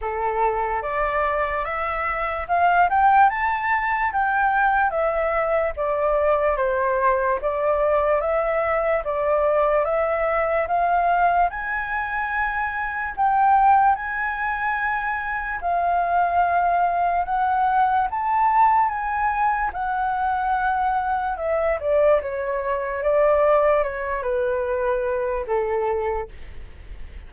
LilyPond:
\new Staff \with { instrumentName = "flute" } { \time 4/4 \tempo 4 = 73 a'4 d''4 e''4 f''8 g''8 | a''4 g''4 e''4 d''4 | c''4 d''4 e''4 d''4 | e''4 f''4 gis''2 |
g''4 gis''2 f''4~ | f''4 fis''4 a''4 gis''4 | fis''2 e''8 d''8 cis''4 | d''4 cis''8 b'4. a'4 | }